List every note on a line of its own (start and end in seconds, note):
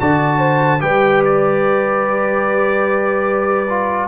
0.00 0.83 D3
0.00 0.80 F#4
0.00 0.40 D5
0.00 0.82 A5
0.40 0.81 C5
0.80 4.09 G3
0.80 3.68 G4
0.80 4.09 B4
0.80 1.23 G5
1.25 4.09 D5
3.70 4.09 F4